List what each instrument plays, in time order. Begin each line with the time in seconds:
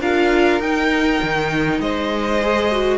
0.00 cello D4, viola F4, violin A#4 F5
0.60 cello D#4, viola D#4, violin G5
1.22 cello D#3
1.80 cello G#3, violin C5 D#5
2.42 viola G#4
2.72 viola F#4